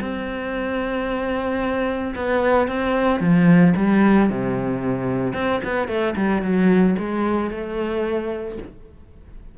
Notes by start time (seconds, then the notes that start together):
0.00 C4
2.15 B3
2.68 C4
3.20 F3
3.76 G3
4.30 C3
5.33 C4
5.64 B3
5.88 A3
6.16 G3
6.42 F#3
6.98 G#3
7.50 A3